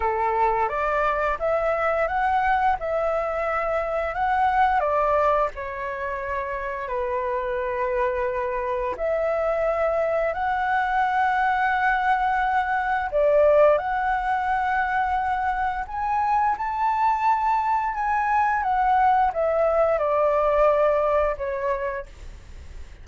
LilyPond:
\new Staff \with { instrumentName = "flute" } { \time 4/4 \tempo 4 = 87 a'4 d''4 e''4 fis''4 | e''2 fis''4 d''4 | cis''2 b'2~ | b'4 e''2 fis''4~ |
fis''2. d''4 | fis''2. gis''4 | a''2 gis''4 fis''4 | e''4 d''2 cis''4 | }